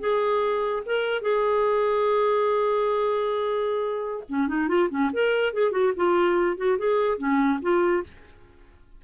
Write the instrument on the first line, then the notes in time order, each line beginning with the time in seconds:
clarinet
0.00 G#4
0.86 A#4
1.22 G#4
4.29 C#4
4.48 D#4
4.69 F4
4.90 C#4
5.13 A#4
5.54 G#4
5.72 F#4
5.97 F4
6.57 F#4
6.78 G#4
7.18 C#4
7.62 F4